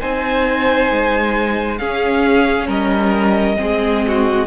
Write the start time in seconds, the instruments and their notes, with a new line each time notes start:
0.00 cello C4, viola D#4, violin C5 G#5
0.91 cello G#3
1.78 viola C#4, cello C#4, violin G#4 F5
2.67 cello G3, violin A#4 D#5
3.56 cello G#3, viola C4, violin G#4
4.08 violin F#4